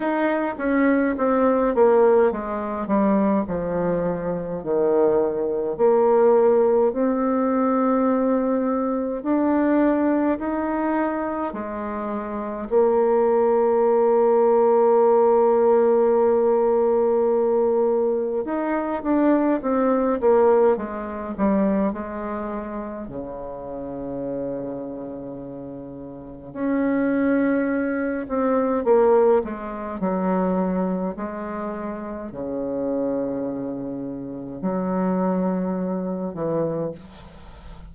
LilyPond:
\new Staff \with { instrumentName = "bassoon" } { \time 4/4 \tempo 4 = 52 dis'8 cis'8 c'8 ais8 gis8 g8 f4 | dis4 ais4 c'2 | d'4 dis'4 gis4 ais4~ | ais1 |
dis'8 d'8 c'8 ais8 gis8 g8 gis4 | cis2. cis'4~ | cis'8 c'8 ais8 gis8 fis4 gis4 | cis2 fis4. e8 | }